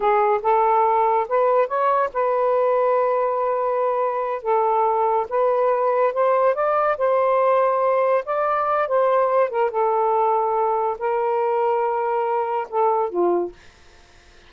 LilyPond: \new Staff \with { instrumentName = "saxophone" } { \time 4/4 \tempo 4 = 142 gis'4 a'2 b'4 | cis''4 b'2.~ | b'2~ b'8 a'4.~ | a'8 b'2 c''4 d''8~ |
d''8 c''2. d''8~ | d''4 c''4. ais'8 a'4~ | a'2 ais'2~ | ais'2 a'4 f'4 | }